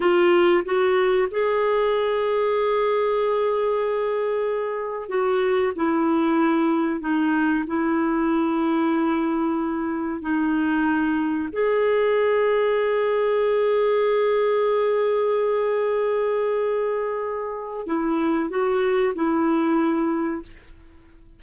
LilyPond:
\new Staff \with { instrumentName = "clarinet" } { \time 4/4 \tempo 4 = 94 f'4 fis'4 gis'2~ | gis'1 | fis'4 e'2 dis'4 | e'1 |
dis'2 gis'2~ | gis'1~ | gis'1 | e'4 fis'4 e'2 | }